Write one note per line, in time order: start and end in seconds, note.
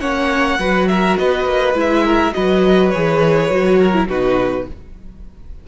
0.00 0.58 A#3
0.00 0.58 C#4
0.00 0.58 C#5
0.00 0.87 F#5
0.58 1.17 F#3
0.58 1.74 F#4
0.58 0.88 B4
0.88 1.19 A#4
0.88 1.17 E5
1.17 1.45 B3
1.17 2.04 B4
1.17 1.75 D#5
1.45 1.74 A#3
1.74 2.32 G#3
1.74 2.32 E4
1.80 2.33 E5
2.04 2.33 A#4
2.32 2.95 F#3
2.32 2.91 F#4
2.32 3.78 B4
2.32 2.90 D#5
2.90 3.50 E3
2.90 3.50 G#4
2.90 4.06 C#5
3.50 4.08 F#3
3.50 3.93 F#4
3.78 4.08 A#4
3.93 4.08 E4
4.08 4.67 B2
4.08 4.67 D#4
4.08 4.66 F#4
4.08 4.68 B4